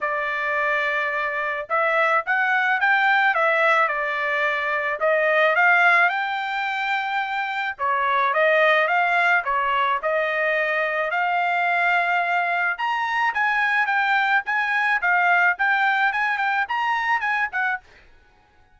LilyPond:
\new Staff \with { instrumentName = "trumpet" } { \time 4/4 \tempo 4 = 108 d''2. e''4 | fis''4 g''4 e''4 d''4~ | d''4 dis''4 f''4 g''4~ | g''2 cis''4 dis''4 |
f''4 cis''4 dis''2 | f''2. ais''4 | gis''4 g''4 gis''4 f''4 | g''4 gis''8 g''8 ais''4 gis''8 fis''8 | }